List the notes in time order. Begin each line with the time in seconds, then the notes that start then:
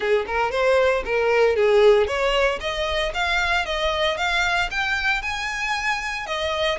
0.00 G#4
0.27 A#4
0.51 C5
1.05 A#4
1.56 G#4
2.07 C#5
2.60 D#5
3.14 F5
3.65 D#5
4.17 F5
4.71 G5
5.22 G#5
6.26 D#5